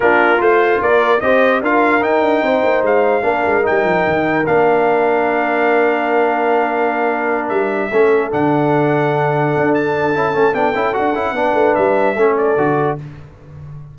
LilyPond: <<
  \new Staff \with { instrumentName = "trumpet" } { \time 4/4 \tempo 4 = 148 ais'4 c''4 d''4 dis''4 | f''4 g''2 f''4~ | f''4 g''2 f''4~ | f''1~ |
f''2~ f''8 e''4.~ | e''8 fis''2.~ fis''8 | a''2 g''4 fis''4~ | fis''4 e''4. d''4. | }
  \new Staff \with { instrumentName = "horn" } { \time 4/4 f'2 ais'4 c''4 | ais'2 c''2 | ais'1~ | ais'1~ |
ais'2.~ ais'8 a'8~ | a'1~ | a'1 | b'2 a'2 | }
  \new Staff \with { instrumentName = "trombone" } { \time 4/4 d'4 f'2 g'4 | f'4 dis'2. | d'4 dis'2 d'4~ | d'1~ |
d'2.~ d'8 cis'8~ | cis'8 d'2.~ d'8~ | d'4 e'8 cis'8 d'8 e'8 fis'8 e'8 | d'2 cis'4 fis'4 | }
  \new Staff \with { instrumentName = "tuba" } { \time 4/4 ais4 a4 ais4 c'4 | d'4 dis'8 d'8 c'8 ais8 gis4 | ais8 gis8 g8 f8 dis4 ais4~ | ais1~ |
ais2~ ais8 g4 a8~ | a8 d2. d'8~ | d'4 cis'8 a8 b8 cis'8 d'8 cis'8 | b8 a8 g4 a4 d4 | }
>>